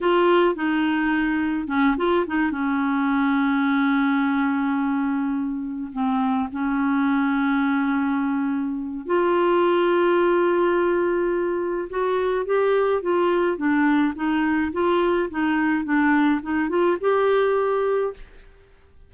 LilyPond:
\new Staff \with { instrumentName = "clarinet" } { \time 4/4 \tempo 4 = 106 f'4 dis'2 cis'8 f'8 | dis'8 cis'2.~ cis'8~ | cis'2~ cis'8 c'4 cis'8~ | cis'1 |
f'1~ | f'4 fis'4 g'4 f'4 | d'4 dis'4 f'4 dis'4 | d'4 dis'8 f'8 g'2 | }